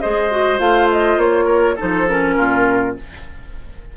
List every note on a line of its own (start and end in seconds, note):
0.00 0.59 G#3
0.00 0.31 G#4
0.00 1.45 C5
0.00 0.59 D#5
0.31 0.58 F#4
0.58 1.17 A3
0.58 1.76 F4
0.58 0.88 F5
0.92 1.19 D#5
1.17 1.75 A#3
1.17 1.78 C#5
1.45 1.74 A#4
1.76 2.06 D#4
1.76 2.34 A4
1.76 2.08 C5
1.82 2.37 F3
2.08 2.96 C#4
2.08 2.96 A#4
2.37 2.96 A#2
2.37 2.96 F4